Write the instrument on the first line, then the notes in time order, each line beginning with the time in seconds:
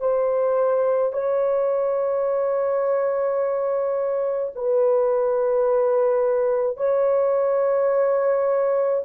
horn
0.00 C5
1.12 C#5
4.55 B4
6.77 C#5